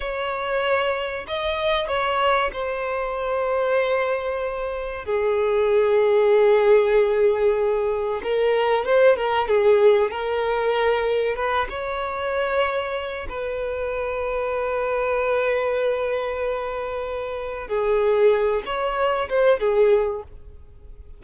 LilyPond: \new Staff \with { instrumentName = "violin" } { \time 4/4 \tempo 4 = 95 cis''2 dis''4 cis''4 | c''1 | gis'1~ | gis'4 ais'4 c''8 ais'8 gis'4 |
ais'2 b'8 cis''4.~ | cis''4 b'2.~ | b'1 | gis'4. cis''4 c''8 gis'4 | }